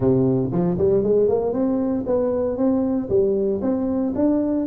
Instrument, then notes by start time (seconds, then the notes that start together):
tuba
0.00 C3
0.51 F3
0.78 G3
1.03 G#3
1.28 A#3
1.53 C4
2.06 B3
2.57 C4
3.09 G3
3.61 C4
4.15 D4